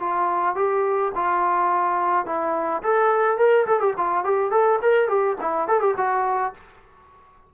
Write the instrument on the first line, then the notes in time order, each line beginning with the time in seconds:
trombone
0.00 F4
0.56 G4
1.15 F4
2.26 E4
2.83 A4
3.38 A#4
3.67 A4
3.80 G4
3.98 F4
4.25 G4
4.51 A4
4.82 A#4
5.08 G4
5.41 E4
5.68 A4
5.80 G4
5.97 F#4